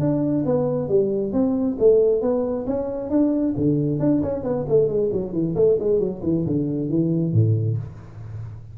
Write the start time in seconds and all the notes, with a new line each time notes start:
0.00 D4
0.46 B3
0.89 G3
1.33 C4
1.79 A3
2.22 B3
2.67 C#4
3.10 D4
3.57 D3
4.00 D4
4.23 C#4
4.44 B3
4.69 A3
4.88 G#3
5.13 F#3
5.33 E3
5.56 A3
5.80 G#3
6.00 F#3
6.23 E3
6.47 D3
6.90 E3
7.34 A2